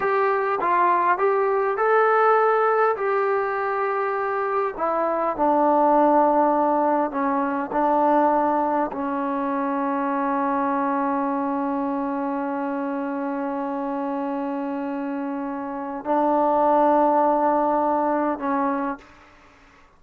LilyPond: \new Staff \with { instrumentName = "trombone" } { \time 4/4 \tempo 4 = 101 g'4 f'4 g'4 a'4~ | a'4 g'2. | e'4 d'2. | cis'4 d'2 cis'4~ |
cis'1~ | cis'1~ | cis'2. d'4~ | d'2. cis'4 | }